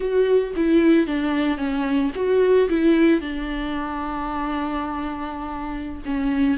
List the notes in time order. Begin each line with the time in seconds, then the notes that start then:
0.00 F#4
0.56 E4
1.06 D4
1.57 C#4
2.15 F#4
2.69 E4
3.20 D4
6.05 C#4